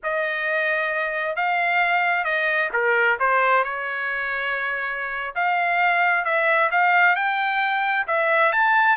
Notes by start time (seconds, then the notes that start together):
0.03 D#5
1.36 F5
2.24 D#5
2.72 A#4
3.19 C5
3.64 C#5
5.35 F5
6.24 E5
6.71 F5
7.15 G5
8.07 E5
8.52 A5